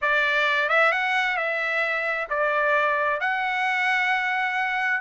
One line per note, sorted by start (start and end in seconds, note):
0.01 0.69 D5
0.69 0.92 E5
0.92 1.36 F#5
1.36 2.27 E5
2.29 3.20 D5
3.20 5.01 F#5